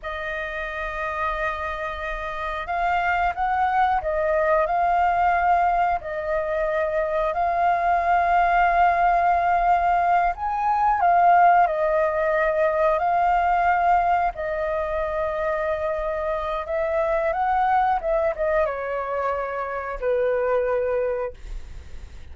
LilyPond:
\new Staff \with { instrumentName = "flute" } { \time 4/4 \tempo 4 = 90 dis''1 | f''4 fis''4 dis''4 f''4~ | f''4 dis''2 f''4~ | f''2.~ f''8 gis''8~ |
gis''8 f''4 dis''2 f''8~ | f''4. dis''2~ dis''8~ | dis''4 e''4 fis''4 e''8 dis''8 | cis''2 b'2 | }